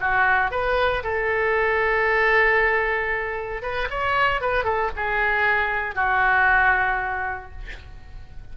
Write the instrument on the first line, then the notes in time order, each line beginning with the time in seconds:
oboe
0.00 F#4
0.51 B4
1.03 A4
3.62 B4
3.90 C#5
4.41 B4
4.64 A4
4.96 G#4
5.95 F#4